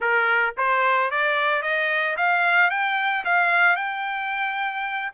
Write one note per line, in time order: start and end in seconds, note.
0.00 0.54 A#4
0.57 1.11 C5
1.11 1.62 D5
1.62 2.16 D#5
2.16 2.70 F5
2.70 3.24 G5
3.25 3.76 F5
3.76 5.11 G5